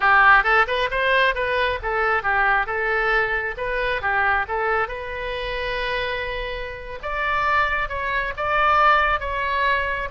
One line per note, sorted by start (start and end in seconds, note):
0.00 0.43 G4
0.43 0.65 A4
0.67 0.89 B4
0.91 1.35 C5
1.35 1.79 B4
1.82 2.22 A4
2.22 2.66 G4
2.66 3.55 A4
3.57 4.01 B4
4.01 4.46 G4
4.47 4.88 A4
4.88 6.99 B4
7.02 7.88 D5
7.88 8.33 C#5
8.36 9.19 D5
9.19 10.08 C#5